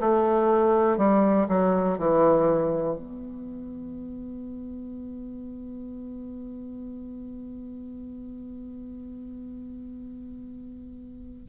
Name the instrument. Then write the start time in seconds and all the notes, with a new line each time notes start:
bassoon
0.00 A3
0.97 G3
1.48 F#3
1.98 E3
2.97 B3